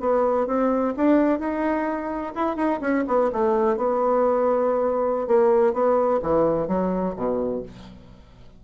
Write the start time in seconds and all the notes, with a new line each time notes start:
0.00 B3
0.47 C4
0.97 D4
1.39 D#4
2.35 E4
2.56 D#4
2.81 C#4
3.07 B3
3.32 A3
3.77 B3
5.27 A#3
5.73 B3
6.22 E3
6.68 F#3
7.16 B2